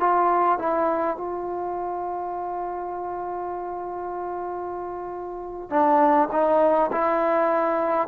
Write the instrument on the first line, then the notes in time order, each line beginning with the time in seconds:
trombone
0.00 F4
0.59 E4
1.17 F4
5.70 D4
6.32 D#4
6.92 E4